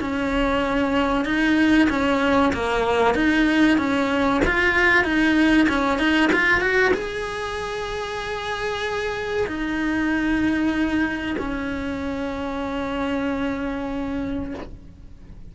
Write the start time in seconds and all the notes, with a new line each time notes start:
0.00 C#4
1.25 D#4
1.89 C#4
2.53 A#3
3.15 D#4
3.78 C#4
4.45 F4
5.04 D#4
5.68 C#4
5.98 D#4
6.32 F4
6.61 F#4
6.94 G#4
9.47 D#4
11.38 C#4